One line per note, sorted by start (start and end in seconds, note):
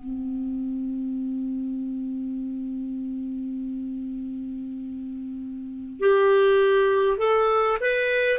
0.00 5.99 C4
5.99 7.18 G4
7.18 7.78 A4
7.81 8.39 B4